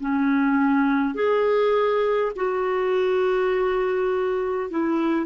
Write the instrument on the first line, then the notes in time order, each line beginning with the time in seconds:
clarinet
0.00 C#4
1.15 G#4
2.36 F#4
4.71 E4